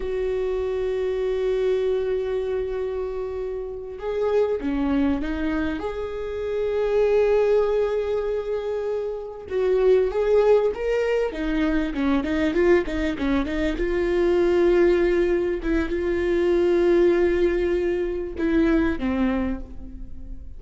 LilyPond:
\new Staff \with { instrumentName = "viola" } { \time 4/4 \tempo 4 = 98 fis'1~ | fis'2~ fis'8 gis'4 cis'8~ | cis'8 dis'4 gis'2~ gis'8~ | gis'2.~ gis'8 fis'8~ |
fis'8 gis'4 ais'4 dis'4 cis'8 | dis'8 f'8 dis'8 cis'8 dis'8 f'4.~ | f'4. e'8 f'2~ | f'2 e'4 c'4 | }